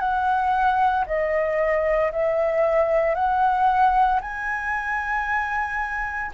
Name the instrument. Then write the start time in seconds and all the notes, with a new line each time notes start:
flute
0.00 F#5
1.07 D#5
2.12 E5
3.15 F#5
4.22 G#5